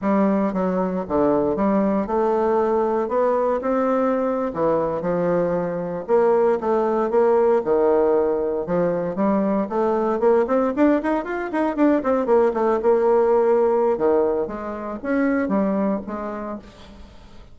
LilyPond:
\new Staff \with { instrumentName = "bassoon" } { \time 4/4 \tempo 4 = 116 g4 fis4 d4 g4 | a2 b4 c'4~ | c'8. e4 f2 ais16~ | ais8. a4 ais4 dis4~ dis16~ |
dis8. f4 g4 a4 ais16~ | ais16 c'8 d'8 dis'8 f'8 dis'8 d'8 c'8 ais16~ | ais16 a8 ais2~ ais16 dis4 | gis4 cis'4 g4 gis4 | }